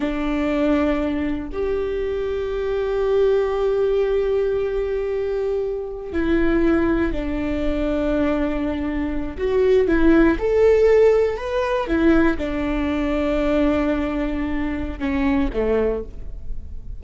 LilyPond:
\new Staff \with { instrumentName = "viola" } { \time 4/4 \tempo 4 = 120 d'2. g'4~ | g'1~ | g'1~ | g'16 e'2 d'4.~ d'16~ |
d'2~ d'8. fis'4 e'16~ | e'8. a'2 b'4 e'16~ | e'8. d'2.~ d'16~ | d'2 cis'4 a4 | }